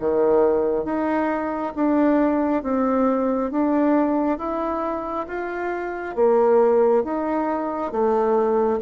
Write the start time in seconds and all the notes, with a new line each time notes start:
0.00 D#3
0.85 D#4
1.76 D4
2.63 C4
3.51 D4
4.38 E4
5.27 F4
6.16 A#3
7.04 D#4
7.92 A3